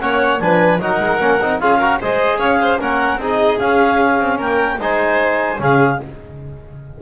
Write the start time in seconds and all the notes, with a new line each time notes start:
0.00 A#3 C#4 C#5 F#5
0.39 F3 D4 B4 G#5
0.79 F#3 D#4 A#4 F#5
0.99 G#3
1.20 A#3 C#4
1.40 C4 D#4
1.59 C#4 F4 G#4 F5
1.79 F#4 A#4
2.01 G#3 G#4 C5 D#5
2.38 C#4 C#5 F5
2.61 C5
2.79 A#3 C#4 A#4 F#5
3.16 C4 D#4 G#4 D#5
3.59 C#4 F5
4.19 C4
4.37 A#3 A#4 G5
4.79 G#3 D#4 C5 G#5
5.58 C#3 C#4 G#4 F5